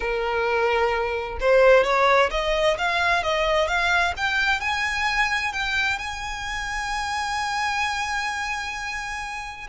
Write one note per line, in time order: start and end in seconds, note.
0.00 1.38 A#4
1.40 1.83 C5
1.83 2.30 C#5
2.31 2.77 D#5
2.77 3.23 F5
3.23 3.67 D#5
3.67 4.13 F5
4.16 4.60 G5
4.60 5.53 G#5
5.53 5.98 G5
5.98 9.67 G#5